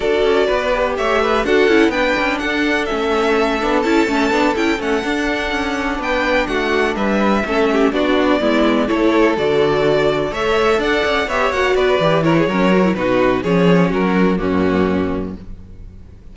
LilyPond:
<<
  \new Staff \with { instrumentName = "violin" } { \time 4/4 \tempo 4 = 125 d''2 e''4 fis''4 | g''4 fis''4 e''2 | a''4. g''8 fis''2~ | fis''8 g''4 fis''4 e''4.~ |
e''8 d''2 cis''4 d''8~ | d''4. e''4 fis''4 e''8 | fis''8 d''4 cis''4. b'4 | cis''4 ais'4 fis'2 | }
  \new Staff \with { instrumentName = "violin" } { \time 4/4 a'4 b'4 cis''8 b'8 a'4 | b'4 a'2.~ | a'1~ | a'8 b'4 fis'4 b'4 a'8 |
g'8 fis'4 e'4 a'4.~ | a'4. cis''4 d''4 cis''8~ | cis''8 b'4 ais'16 gis'16 ais'4 fis'4 | gis'4 fis'4 cis'2 | }
  \new Staff \with { instrumentName = "viola" } { \time 4/4 fis'4. g'4. fis'8 e'8 | d'2 cis'4. d'8 | e'8 cis'8 d'8 e'8 cis'8 d'4.~ | d'2.~ d'8 cis'8~ |
cis'8 d'4 b4 e'4 fis'8~ | fis'4. a'2 g'8 | fis'4 g'8 e'8 cis'8 fis'16 e'16 dis'4 | cis'2 ais2 | }
  \new Staff \with { instrumentName = "cello" } { \time 4/4 d'8 cis'8 b4 a4 d'8 cis'8 | b8 cis'8 d'4 a4. b8 | cis'8 a8 b8 cis'8 a8 d'4 cis'8~ | cis'8 b4 a4 g4 a8~ |
a8 b4 gis4 a4 d8~ | d4. a4 d'8 cis'8 b8 | ais8 b8 e4 fis4 b,4 | f4 fis4 fis,2 | }
>>